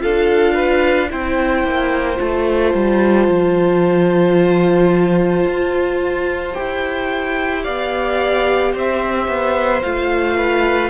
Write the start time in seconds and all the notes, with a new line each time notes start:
0.00 D4 F4 A4 F5
0.55 B4
1.10 C4 E4 C5 G5
1.64 A#3
2.17 A3 F4 A5
2.74 G3
3.28 F3
5.46 F4
6.54 E4 G4 G5
7.64 B3 D5 F5
8.74 C4 C5 E5
9.28 B3
9.82 A3 F4 F5
10.37 B4